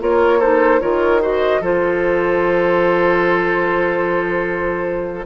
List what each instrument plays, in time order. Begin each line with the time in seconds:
0.00 bassoon A#3, clarinet F4, oboe A#4, flute C#5
0.40 clarinet D#4, oboe A4, flute C5
0.81 bassoon D#3, clarinet F4, oboe A#4, flute C#5
1.21 clarinet F#4, oboe C5, flute D#5
1.61 bassoon F3, clarinet F4, oboe A4, flute C5